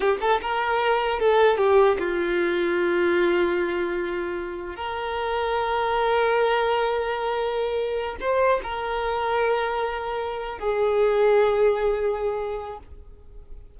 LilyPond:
\new Staff \with { instrumentName = "violin" } { \time 4/4 \tempo 4 = 150 g'8 a'8 ais'2 a'4 | g'4 f'2.~ | f'1 | ais'1~ |
ais'1~ | ais'8 c''4 ais'2~ ais'8~ | ais'2~ ais'8 gis'4.~ | gis'1 | }